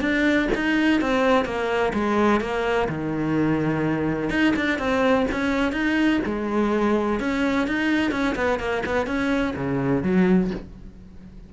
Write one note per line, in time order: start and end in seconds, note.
0.00 0.48 D4
0.55 1.01 D#4
1.01 1.45 C4
1.45 1.92 A#3
1.93 2.40 G#3
2.40 2.88 A#3
2.88 4.29 D#3
4.29 4.53 D#4
4.56 4.78 D4
4.78 5.26 C4
5.31 5.72 C#4
5.72 6.20 D#4
6.25 7.20 G#3
7.20 7.67 C#4
7.67 8.11 D#4
8.11 8.35 C#4
8.35 8.59 B3
8.59 8.83 A#3
8.85 9.06 B3
9.06 9.54 C#4
9.56 10.03 C#3
10.03 10.50 F#3